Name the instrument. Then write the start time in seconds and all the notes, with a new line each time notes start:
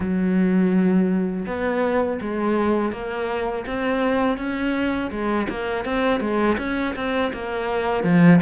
cello
0.00 F#3
1.46 B3
2.21 G#3
2.91 A#3
3.66 C4
4.37 C#4
5.11 G#3
5.49 A#3
5.84 C4
6.20 G#3
6.58 C#4
6.95 C4
7.33 A#3
8.03 F3